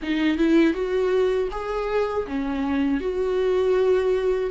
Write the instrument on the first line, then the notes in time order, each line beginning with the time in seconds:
viola
0.02 D#4
0.37 E4
0.73 F#4
1.51 G#4
2.27 C#4
3.00 F#4